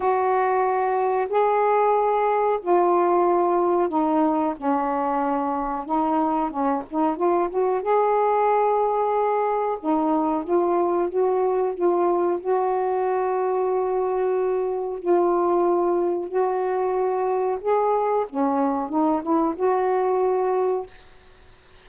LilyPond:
\new Staff \with { instrumentName = "saxophone" } { \time 4/4 \tempo 4 = 92 fis'2 gis'2 | f'2 dis'4 cis'4~ | cis'4 dis'4 cis'8 dis'8 f'8 fis'8 | gis'2. dis'4 |
f'4 fis'4 f'4 fis'4~ | fis'2. f'4~ | f'4 fis'2 gis'4 | cis'4 dis'8 e'8 fis'2 | }